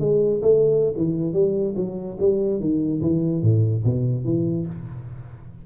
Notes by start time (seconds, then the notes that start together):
0.00 G#3
0.42 A3
0.97 E3
1.33 G3
1.76 F#3
2.20 G3
2.60 D#3
3.02 E3
3.43 A2
3.84 B2
4.25 E3